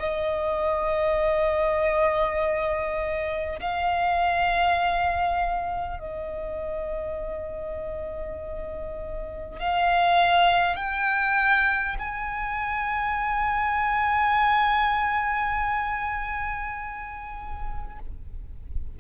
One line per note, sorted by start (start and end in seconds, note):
0.00 3.60 D#5
3.61 5.99 F5
5.99 9.59 D#5
9.59 10.76 F5
10.76 11.96 G5
11.99 17.99 G#5